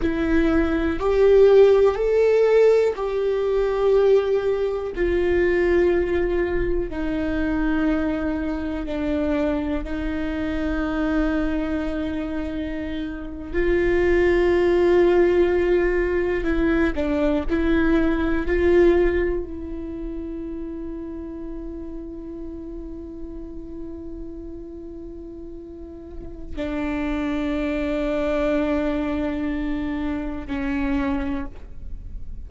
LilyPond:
\new Staff \with { instrumentName = "viola" } { \time 4/4 \tempo 4 = 61 e'4 g'4 a'4 g'4~ | g'4 f'2 dis'4~ | dis'4 d'4 dis'2~ | dis'4.~ dis'16 f'2~ f'16~ |
f'8. e'8 d'8 e'4 f'4 e'16~ | e'1~ | e'2. d'4~ | d'2. cis'4 | }